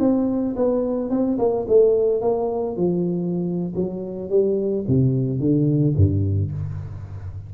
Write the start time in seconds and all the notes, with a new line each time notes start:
0.00 C4
0.56 B3
1.11 C4
1.39 A#3
1.68 A3
2.22 A#3
2.77 F3
3.76 F#3
4.30 G3
4.88 C3
5.40 D3
5.96 G2